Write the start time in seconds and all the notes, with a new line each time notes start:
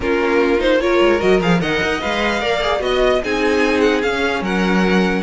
0.00 A#3 C#4 F4 A#4
0.58 D#4 C5
0.80 F4 A#4 C#5
1.01 G#3
1.19 F#3 F#4 D#5
1.41 F3 G#4 F5
1.60 D#3 A#4 D#5 F#5
1.82 D#4
2.01 G#3 B4 F5
2.40 A#3 A#4 D5
2.61 G#4
2.79 B3 F#4 D#5
3.24 C4 D#4 G#4 G#5
3.80 F#5
4.02 C#4 F5
4.41 F#3 A#4 F#5